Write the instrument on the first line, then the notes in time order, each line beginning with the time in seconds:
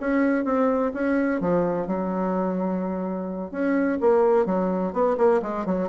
bassoon
0.00 C#4
0.44 C4
0.94 C#4
1.40 F3
1.87 F#3
3.51 C#4
4.00 A#3
4.46 F#3
4.93 B3
5.17 A#3
5.42 G#3
5.66 F#3